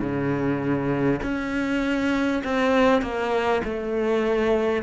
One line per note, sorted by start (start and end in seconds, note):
0.00 1.20 C#3
1.23 2.43 C#4
2.44 3.02 C4
3.02 3.62 A#3
3.64 4.83 A3